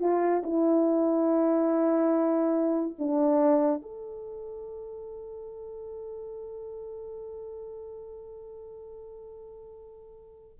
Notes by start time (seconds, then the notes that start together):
0.00 F4
0.43 E4
2.99 D4
3.82 A4